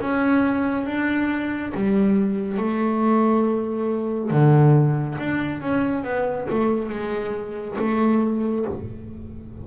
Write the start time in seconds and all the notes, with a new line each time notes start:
0.00 C#4
0.86 D4
1.74 G3
2.57 A3
4.30 D3
5.19 D4
5.60 C#4
6.04 B3
6.49 A3
6.89 G#3
7.78 A3